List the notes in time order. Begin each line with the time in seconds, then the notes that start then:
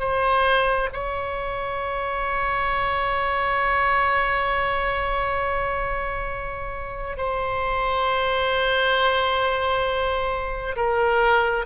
0.00 C5
0.93 C#5
7.18 C5
10.76 A#4